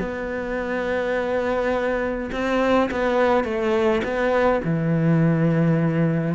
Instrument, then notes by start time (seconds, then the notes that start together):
cello
0.00 B3
2.33 C4
2.92 B3
3.45 A3
4.04 B3
4.65 E3